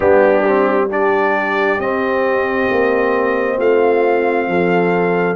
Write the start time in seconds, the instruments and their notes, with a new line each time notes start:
0.00 tuba G3, trombone B3, horn D4, trumpet G4
0.47 trombone C4
0.89 trombone D4, horn G4, trumpet D5
1.78 tuba C4, trombone C4, trumpet D#5
2.70 tuba A#3
3.57 tuba A3, horn F4, trumpet F5
4.47 tuba F3, horn A4